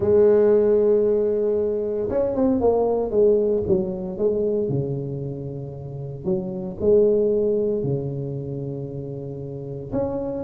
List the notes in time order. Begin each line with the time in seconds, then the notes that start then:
0.00 G#3
2.09 C#4
2.35 C4
2.60 A#3
3.10 G#3
3.67 F#3
4.18 G#3
4.68 C#3
6.24 F#3
6.80 G#3
7.83 C#3
9.92 C#4